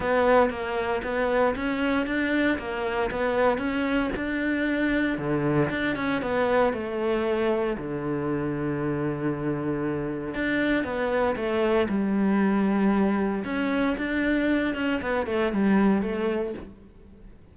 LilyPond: \new Staff \with { instrumentName = "cello" } { \time 4/4 \tempo 4 = 116 b4 ais4 b4 cis'4 | d'4 ais4 b4 cis'4 | d'2 d4 d'8 cis'8 | b4 a2 d4~ |
d1 | d'4 b4 a4 g4~ | g2 cis'4 d'4~ | d'8 cis'8 b8 a8 g4 a4 | }